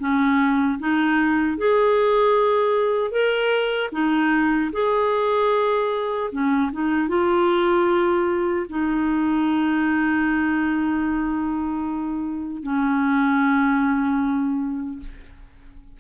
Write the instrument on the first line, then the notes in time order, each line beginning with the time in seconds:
clarinet
0.00 C#4
0.80 D#4
1.58 G#4
3.11 A#4
3.92 D#4
4.73 G#4
6.32 C#4
6.72 D#4
7.09 F4
8.69 D#4
12.63 C#4